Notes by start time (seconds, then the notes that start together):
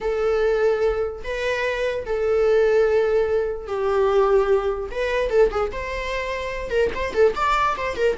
0.00 A4
1.23 B4
2.05 A4
3.67 G4
4.91 B4
5.30 A4
5.50 G#4
5.71 C5
6.70 A#4
6.94 C5
7.13 A4
7.35 D5
7.77 C5
7.96 A#4